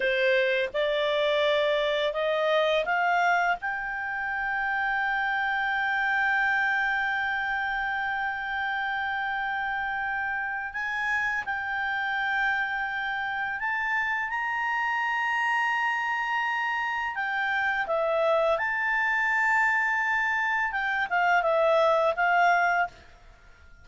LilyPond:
\new Staff \with { instrumentName = "clarinet" } { \time 4/4 \tempo 4 = 84 c''4 d''2 dis''4 | f''4 g''2.~ | g''1~ | g''2. gis''4 |
g''2. a''4 | ais''1 | g''4 e''4 a''2~ | a''4 g''8 f''8 e''4 f''4 | }